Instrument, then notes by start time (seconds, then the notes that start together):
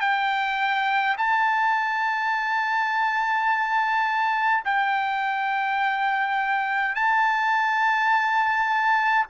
trumpet
0.00 G5
1.17 A5
4.65 G5
6.95 A5